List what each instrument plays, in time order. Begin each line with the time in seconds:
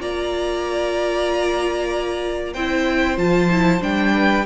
0.00 cello A#3, viola F4, violin D5 A#5
2.54 cello C4, viola E4, violin C5 G5
3.18 cello F3, viola F4, violin A5
3.51 viola E4
3.81 cello G3, viola D4, violin G5
4.15 violin B4